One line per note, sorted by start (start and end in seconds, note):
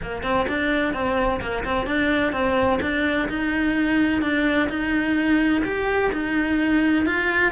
0.01 0.23 A#3
0.23 0.46 C4
0.48 0.93 D4
0.93 1.40 C4
1.40 1.64 A#3
1.64 1.86 C4
1.86 2.32 D4
2.32 2.79 C4
2.81 3.28 D4
3.28 4.22 D#4
4.22 4.69 D4
4.69 5.62 D#4
5.64 6.11 G4
6.12 7.06 D#4
7.06 7.51 F4